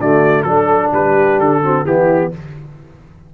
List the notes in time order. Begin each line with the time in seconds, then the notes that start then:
0.00 D3 A3 F#4 D5
0.43 F#3 D4 A4
0.93 G3 G4 B4
1.39 D3 A4
1.63 C4 F#4
1.85 E3 B3 E4 G4